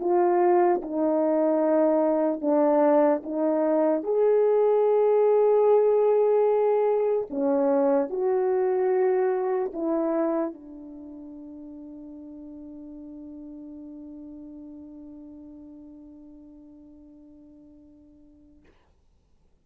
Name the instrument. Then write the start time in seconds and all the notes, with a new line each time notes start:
horn
0.00 F4
0.82 D#4
2.41 D4
3.23 D#4
4.03 G#4
7.30 C#4
8.09 F#4
9.73 E4
10.53 D4